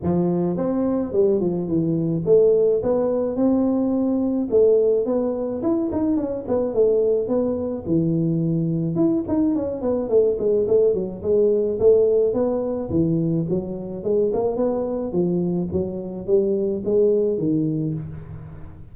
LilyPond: \new Staff \with { instrumentName = "tuba" } { \time 4/4 \tempo 4 = 107 f4 c'4 g8 f8 e4 | a4 b4 c'2 | a4 b4 e'8 dis'8 cis'8 b8 | a4 b4 e2 |
e'8 dis'8 cis'8 b8 a8 gis8 a8 fis8 | gis4 a4 b4 e4 | fis4 gis8 ais8 b4 f4 | fis4 g4 gis4 dis4 | }